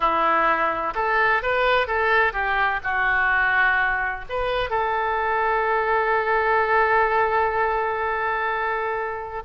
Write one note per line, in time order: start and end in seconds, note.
0.00 0.93 E4
0.94 1.42 A4
1.42 1.87 B4
1.87 2.32 A4
2.32 2.80 G4
2.83 4.25 F#4
4.29 4.70 B4
4.70 9.42 A4